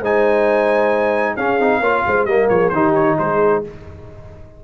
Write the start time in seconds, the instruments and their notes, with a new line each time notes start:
0.00 tuba G#3, trombone D#4, horn C5, trumpet G#5
1.36 tuba C#4, trombone C#4, horn G#4, trumpet F5
1.59 tuba C4, trombone D#4
1.80 tuba A#3, trombone F4, horn C#5
2.07 tuba G#3, horn C5
2.26 tuba G3, trombone A#3, horn A#4, trumpet D#5
2.50 tuba F3, horn G#4, trumpet C#5
2.69 tuba D#3, trombone D#4, horn G4, trumpet C5
2.95 trumpet C#5
3.18 tuba G#3, horn G#4, trumpet C5